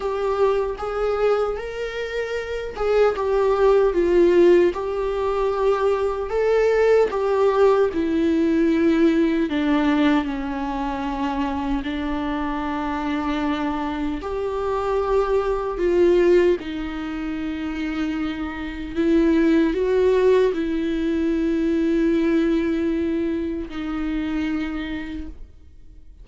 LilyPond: \new Staff \with { instrumentName = "viola" } { \time 4/4 \tempo 4 = 76 g'4 gis'4 ais'4. gis'8 | g'4 f'4 g'2 | a'4 g'4 e'2 | d'4 cis'2 d'4~ |
d'2 g'2 | f'4 dis'2. | e'4 fis'4 e'2~ | e'2 dis'2 | }